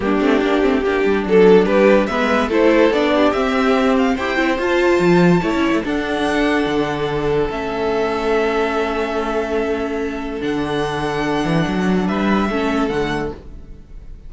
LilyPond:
<<
  \new Staff \with { instrumentName = "violin" } { \time 4/4 \tempo 4 = 144 g'2. a'4 | b'4 e''4 c''4 d''4 | e''4. f''8 g''4 a''4~ | a''2 fis''2~ |
fis''2 e''2~ | e''1~ | e''4 fis''2.~ | fis''4 e''2 fis''4 | }
  \new Staff \with { instrumentName = "violin" } { \time 4/4 d'2 g'4 a'4 | g'4 b'4 a'4. g'8~ | g'2 c''2~ | c''4 cis''4 a'2~ |
a'1~ | a'1~ | a'1~ | a'4 b'4 a'2 | }
  \new Staff \with { instrumentName = "viola" } { \time 4/4 ais8 c'8 d'8 c'8 d'2~ | d'4 b4 e'4 d'4 | c'2 g'8 e'8 f'4~ | f'4 e'4 d'2~ |
d'2 cis'2~ | cis'1~ | cis'4 d'2.~ | d'2 cis'4 a4 | }
  \new Staff \with { instrumentName = "cello" } { \time 4/4 g8 a8 ais8 a8 ais8 g8 fis4 | g4 gis4 a4 b4 | c'2 e'8 c'8 f'4 | f4 a16 cis'8 a16 d'2 |
d2 a2~ | a1~ | a4 d2~ d8 e8 | fis4 g4 a4 d4 | }
>>